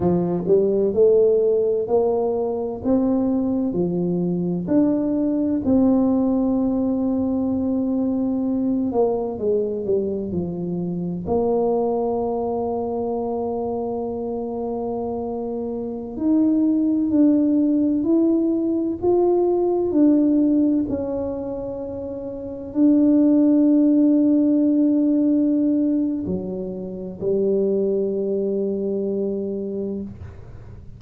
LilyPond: \new Staff \with { instrumentName = "tuba" } { \time 4/4 \tempo 4 = 64 f8 g8 a4 ais4 c'4 | f4 d'4 c'2~ | c'4. ais8 gis8 g8 f4 | ais1~ |
ais4~ ais16 dis'4 d'4 e'8.~ | e'16 f'4 d'4 cis'4.~ cis'16~ | cis'16 d'2.~ d'8. | fis4 g2. | }